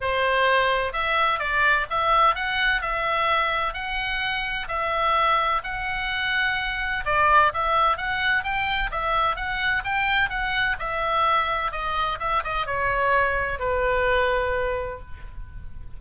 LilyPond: \new Staff \with { instrumentName = "oboe" } { \time 4/4 \tempo 4 = 128 c''2 e''4 d''4 | e''4 fis''4 e''2 | fis''2 e''2 | fis''2. d''4 |
e''4 fis''4 g''4 e''4 | fis''4 g''4 fis''4 e''4~ | e''4 dis''4 e''8 dis''8 cis''4~ | cis''4 b'2. | }